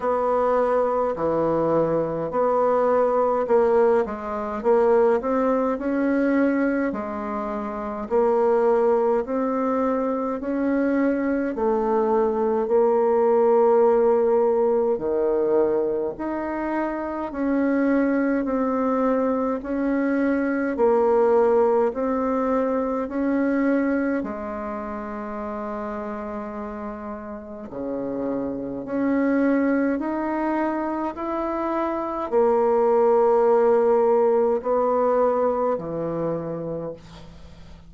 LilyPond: \new Staff \with { instrumentName = "bassoon" } { \time 4/4 \tempo 4 = 52 b4 e4 b4 ais8 gis8 | ais8 c'8 cis'4 gis4 ais4 | c'4 cis'4 a4 ais4~ | ais4 dis4 dis'4 cis'4 |
c'4 cis'4 ais4 c'4 | cis'4 gis2. | cis4 cis'4 dis'4 e'4 | ais2 b4 e4 | }